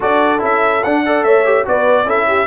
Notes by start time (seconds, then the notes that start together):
0.00 D4 F#4 A4 D5
0.38 C#4 E4 E5
0.83 D4 F#5
1.05 A4 D5
1.23 A3 C#5 E5
1.45 G4
1.64 B3 F#4 B4 D5
2.04 C#4 E4 A4 E5
2.27 G4